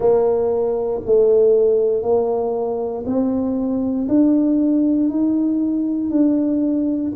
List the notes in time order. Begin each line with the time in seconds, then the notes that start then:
0.00 A#3
1.05 A3
2.02 A#3
3.06 C4
4.08 D4
5.09 D#4
6.10 D4